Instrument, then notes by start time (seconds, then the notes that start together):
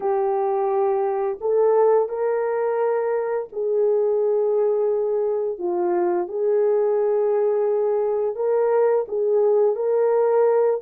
horn
0.00 G4
1.40 A4
2.08 A#4
3.52 G#4
5.58 F4
6.28 G#4
8.35 A#4
9.08 G#4
9.75 A#4